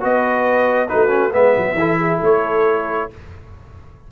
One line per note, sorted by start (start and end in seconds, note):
0.00 0.91 B3
0.00 0.87 F#4
0.00 0.88 B4
0.00 0.88 D#5
0.88 1.34 A3
0.88 1.08 D#4
0.88 1.32 F#4
0.88 1.32 B4
1.08 1.30 C#4
1.32 1.56 G#3
1.32 1.76 B3
1.32 1.76 B4
1.32 2.20 E5
1.57 1.74 F#3
1.74 2.17 E3
1.74 3.10 E4
1.74 1.98 A4
1.98 2.18 G#4
2.18 3.09 A3
2.18 3.05 A4
2.24 3.11 C#5